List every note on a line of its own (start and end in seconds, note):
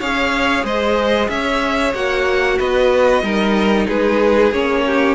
0.00 0.64 C#4
0.00 1.95 G#4
0.00 0.65 C#5
0.00 0.65 F5
0.64 1.28 G#3
0.64 1.29 C5
0.64 1.29 D#5
1.29 1.94 C#4
1.29 2.58 C#5
1.29 1.94 E5
1.94 2.59 A#3
1.94 3.23 F#4
1.94 2.59 F#5
2.58 3.23 B3
2.58 3.23 B4
2.58 3.88 D#5
3.23 3.87 G3
3.23 4.52 D#4
3.23 3.87 A#4
3.87 4.52 G#3
3.87 4.83 G#4
3.87 4.53 B4
4.52 5.15 A#3
4.52 5.15 C#4
4.52 5.15 C#5
4.87 5.15 G4